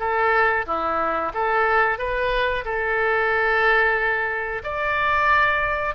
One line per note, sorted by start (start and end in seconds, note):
0.00 0.66 A4
0.67 1.33 E4
1.35 1.99 A4
1.99 2.65 B4
2.65 4.63 A4
4.64 5.95 D5